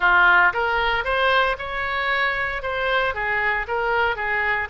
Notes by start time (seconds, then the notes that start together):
0.00 F4
0.53 A#4
1.04 C5
1.58 C#5
2.62 C5
3.14 G#4
3.67 A#4
4.16 G#4